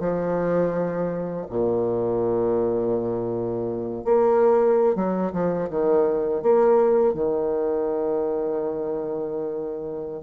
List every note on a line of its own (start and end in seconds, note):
0.00 1.46 F3
1.50 4.05 A#2
4.05 4.96 A#3
4.96 5.32 F#3
5.33 5.69 F3
5.70 6.43 D#3
6.43 7.14 A#3
7.14 10.23 D#3